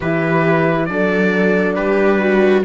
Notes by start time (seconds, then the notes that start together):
0.00 E3 E4 G4 B4
0.85 F#3 D4 A4 D5
1.75 G3 G4 B4
2.19 F#4